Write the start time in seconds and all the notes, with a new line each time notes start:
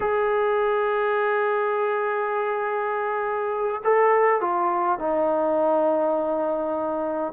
0.00 G#4
3.84 A4
4.41 F4
4.98 D#4